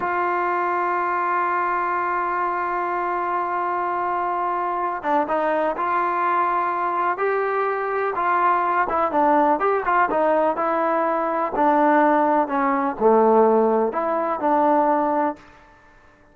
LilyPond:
\new Staff \with { instrumentName = "trombone" } { \time 4/4 \tempo 4 = 125 f'1~ | f'1~ | f'2~ f'8 d'8 dis'4 | f'2. g'4~ |
g'4 f'4. e'8 d'4 | g'8 f'8 dis'4 e'2 | d'2 cis'4 a4~ | a4 e'4 d'2 | }